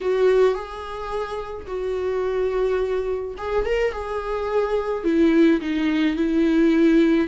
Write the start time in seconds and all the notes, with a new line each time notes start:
0.01 F#4
0.54 G#4
1.66 F#4
3.37 G#4
3.65 A#4
3.92 G#4
5.04 E4
5.60 D#4
6.16 E4